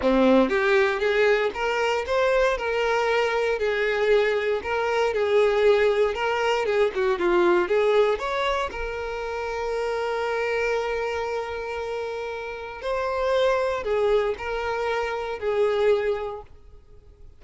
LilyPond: \new Staff \with { instrumentName = "violin" } { \time 4/4 \tempo 4 = 117 c'4 g'4 gis'4 ais'4 | c''4 ais'2 gis'4~ | gis'4 ais'4 gis'2 | ais'4 gis'8 fis'8 f'4 gis'4 |
cis''4 ais'2.~ | ais'1~ | ais'4 c''2 gis'4 | ais'2 gis'2 | }